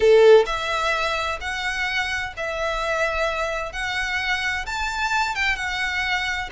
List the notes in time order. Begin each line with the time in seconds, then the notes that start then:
0.00 A4
0.45 E5
1.40 F#5
2.36 E5
3.72 F#5
4.66 A5
5.35 G5
5.56 F#5